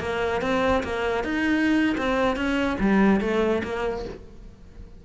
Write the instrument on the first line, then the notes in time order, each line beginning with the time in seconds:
cello
0.00 A#3
0.42 C4
0.84 A#3
1.24 D#4
1.97 C4
2.36 C#4
2.80 G3
3.21 A3
3.64 A#3